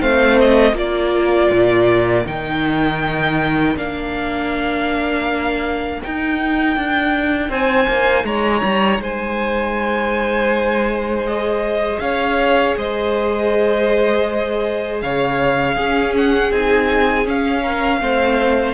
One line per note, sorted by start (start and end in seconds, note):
0.00 0.72 A3
0.00 0.73 C4
0.00 0.76 C5
0.00 0.39 F5
0.39 0.77 D#5
0.72 1.47 A#3
0.72 2.23 F4
0.72 7.50 A#4
0.72 2.26 D5
1.50 2.25 A#2
2.25 3.76 D#3
2.25 3.75 D#4
2.25 3.76 G5
3.76 6.01 A#3
3.76 6.01 D4
3.76 6.02 F5
6.01 11.26 D#4
6.01 6.76 D#4
6.01 7.51 G5
6.76 7.49 D4
7.49 7.87 C4
7.49 8.25 C5
7.49 8.25 G#5
7.88 8.24 A#3
8.24 8.61 G#3
8.24 9.01 C#5
8.24 9.00 A#5
8.63 8.98 G3
8.98 11.98 G#3
8.98 12.01 C5
8.98 11.26 G#5
11.26 15.76 G#4
11.26 11.99 D#5
11.99 12.75 C#4
11.99 12.77 C#5
11.99 12.74 F5
12.77 15.02 G#3
12.77 15.02 C5
12.77 15.01 D#5
15.01 15.76 C#3
15.01 15.75 C#5
15.01 16.13 F5
15.75 16.51 C#4
15.75 17.62 G#4
16.17 16.52 F#5
16.51 17.26 C4
16.51 17.25 D#4
16.51 17.27 G#5
17.25 18.00 C#4
17.25 18.74 F5
17.62 17.99 A#4
18.00 18.74 A3
18.00 18.74 C4
18.00 18.74 C5